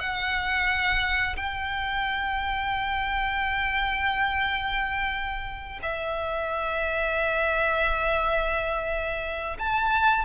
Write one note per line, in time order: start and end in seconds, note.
0.00 1.36 F#5
1.37 5.80 G5
5.83 9.58 E5
9.59 10.26 A5